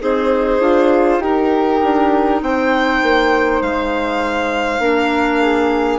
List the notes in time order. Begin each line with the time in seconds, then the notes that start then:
0.00 C4 D#4 G#4 C5
0.59 D4 F4
1.19 D#4 G4 A#4
1.83 D4
2.42 C4 C5 G5
3.03 A#3
3.62 G#3 F5
4.79 A#3 D4 A#4
5.42 G#4